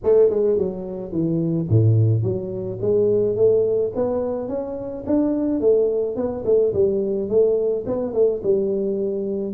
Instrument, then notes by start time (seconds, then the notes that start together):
tuba
0.03 A3
0.30 G#3
0.58 F#3
1.12 E3
1.69 A2
2.23 F#3
2.81 G#3
3.36 A3
3.95 B3
4.48 C#4
5.06 D4
5.60 A3
6.15 B3
6.45 A3
6.73 G3
7.28 A3
7.86 B3
8.13 A3
8.43 G3